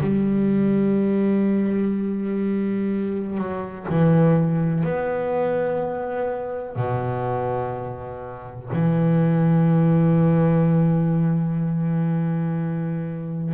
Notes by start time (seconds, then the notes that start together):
0.00 G3
3.37 F#3
3.89 E3
4.83 B3
6.75 B2
8.72 E3